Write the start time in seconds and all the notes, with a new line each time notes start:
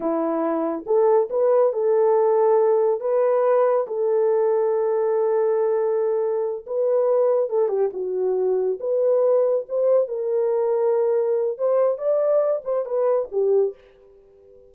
0.00 E4
0.86 A4
1.30 B4
1.72 A4
3.00 B4
3.87 A4
6.66 B4
7.49 A4
7.68 G4
7.93 F#4
8.80 B4
9.68 C5
10.08 A#4
11.57 C5
11.97 D5
12.64 C5
12.85 B4
13.31 G4